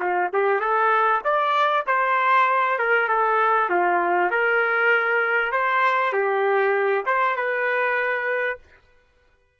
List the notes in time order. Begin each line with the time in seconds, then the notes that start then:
0.00 F4
0.33 G4
0.60 A4
1.24 D5
1.87 C5
2.79 A#4
3.08 A4
3.70 F4
4.31 A#4
5.52 C5
6.13 G4
7.06 C5
7.36 B4